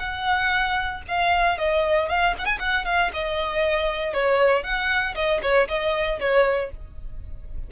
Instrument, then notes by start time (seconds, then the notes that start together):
violin
0.00 F#5
1.08 F5
1.59 D#5
2.09 F5
2.39 F#5
2.46 G#5
2.60 F#5
2.86 F5
3.14 D#5
4.14 C#5
4.64 F#5
5.15 D#5
5.42 C#5
5.69 D#5
6.20 C#5